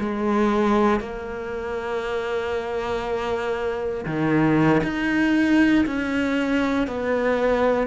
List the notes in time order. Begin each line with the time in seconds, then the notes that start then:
0.00 G#3
1.01 A#3
4.06 D#3
4.84 D#4
5.87 C#4
6.88 B3